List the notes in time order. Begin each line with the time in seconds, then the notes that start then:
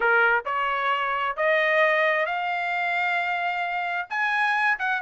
0.00 A#4
0.45 C#5
1.36 D#5
2.26 F5
4.09 G#5
4.79 F#5